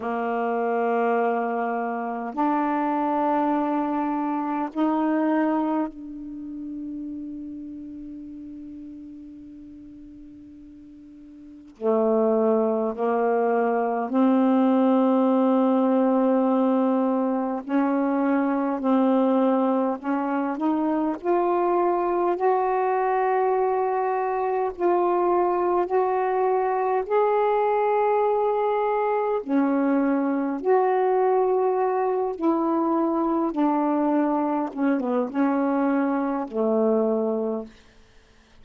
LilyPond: \new Staff \with { instrumentName = "saxophone" } { \time 4/4 \tempo 4 = 51 ais2 d'2 | dis'4 d'2.~ | d'2 a4 ais4 | c'2. cis'4 |
c'4 cis'8 dis'8 f'4 fis'4~ | fis'4 f'4 fis'4 gis'4~ | gis'4 cis'4 fis'4. e'8~ | e'8 d'4 cis'16 b16 cis'4 a4 | }